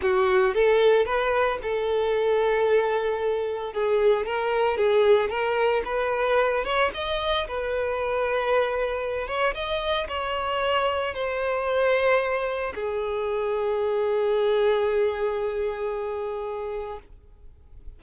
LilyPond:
\new Staff \with { instrumentName = "violin" } { \time 4/4 \tempo 4 = 113 fis'4 a'4 b'4 a'4~ | a'2. gis'4 | ais'4 gis'4 ais'4 b'4~ | b'8 cis''8 dis''4 b'2~ |
b'4. cis''8 dis''4 cis''4~ | cis''4 c''2. | gis'1~ | gis'1 | }